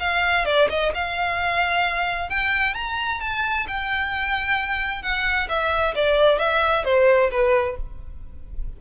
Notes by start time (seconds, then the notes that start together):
0.00 F5
0.46 D5
0.70 D#5
0.95 F5
2.30 G5
2.75 A#5
3.21 A5
3.68 G5
5.03 F#5
5.49 E5
5.95 D5
6.39 E5
6.85 C5
7.31 B4